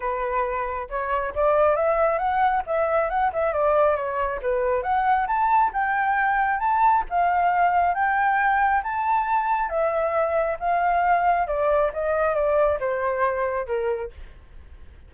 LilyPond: \new Staff \with { instrumentName = "flute" } { \time 4/4 \tempo 4 = 136 b'2 cis''4 d''4 | e''4 fis''4 e''4 fis''8 e''8 | d''4 cis''4 b'4 fis''4 | a''4 g''2 a''4 |
f''2 g''2 | a''2 e''2 | f''2 d''4 dis''4 | d''4 c''2 ais'4 | }